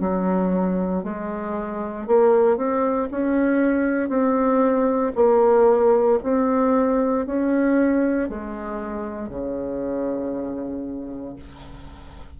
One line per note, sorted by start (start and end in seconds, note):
0.00 1.03 F#3
1.03 2.07 G#3
2.07 2.57 A#3
2.57 3.09 C4
3.11 4.09 C#4
4.09 5.13 C4
5.16 6.19 A#3
6.24 7.26 C4
7.26 8.29 C#4
8.29 9.29 G#3
9.29 11.36 C#3